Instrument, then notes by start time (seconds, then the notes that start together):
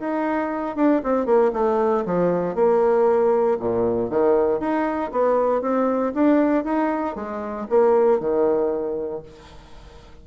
bassoon
0.00 D#4
0.76 D4
1.04 C4
1.26 A#3
1.54 A3
2.06 F3
2.55 A#3
3.60 A#2
4.10 D#3
4.60 D#4
5.12 B3
5.62 C4
6.15 D4
6.65 D#4
7.16 G#3
7.70 A#3
8.20 D#3